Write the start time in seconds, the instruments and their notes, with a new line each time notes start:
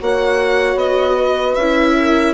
0.00 bassoon A#3, viola F#4, horn C#5, violin F#5
0.76 bassoon B3, violin D#5
1.16 horn B4
1.55 bassoon C#4, violin E5
1.61 viola E4
1.96 horn A#4